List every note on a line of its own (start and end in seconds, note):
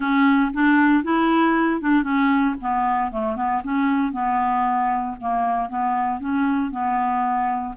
0.00 0.51 C#4
0.53 1.03 D4
1.03 1.81 E4
1.81 2.03 D4
2.03 2.55 C#4
2.61 3.11 B3
3.11 3.36 A3
3.36 3.62 B3
3.63 4.12 C#4
4.12 5.16 B3
5.20 5.69 A#3
5.69 6.20 B3
6.20 6.71 C#4
6.71 7.74 B3